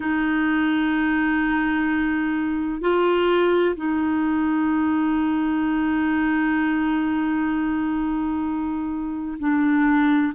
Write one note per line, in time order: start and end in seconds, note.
0.00 2.81 D#4
2.81 3.75 F4
3.75 9.38 D#4
9.39 10.33 D4